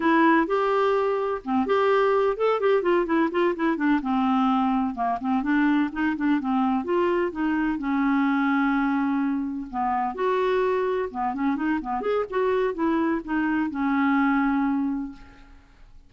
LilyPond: \new Staff \with { instrumentName = "clarinet" } { \time 4/4 \tempo 4 = 127 e'4 g'2 c'8 g'8~ | g'4 a'8 g'8 f'8 e'8 f'8 e'8 | d'8 c'2 ais8 c'8 d'8~ | d'8 dis'8 d'8 c'4 f'4 dis'8~ |
dis'8 cis'2.~ cis'8~ | cis'8 b4 fis'2 b8 | cis'8 dis'8 b8 gis'8 fis'4 e'4 | dis'4 cis'2. | }